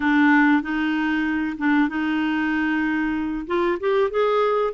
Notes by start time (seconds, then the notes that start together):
0.00 D4
0.62 D#4
1.58 D4
1.88 D#4
3.46 F4
3.80 G4
4.10 G#4